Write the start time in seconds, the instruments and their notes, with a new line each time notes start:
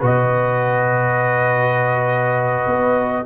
0.00 tuba B2, trombone F#4, horn B4, trumpet D#5
2.67 tuba B3